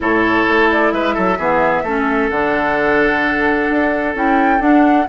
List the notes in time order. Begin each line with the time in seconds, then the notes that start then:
0.00 A2 E4 A4 C#5
0.47 A3
0.71 D5
0.91 G#3 B4 E5
1.14 F#3 A4
1.37 E3 B3 G#4
1.83 A3 C#4 A4
2.30 D3 D4 F#5
3.70 D4
4.14 C#4 E4 G5
4.59 D4 F#5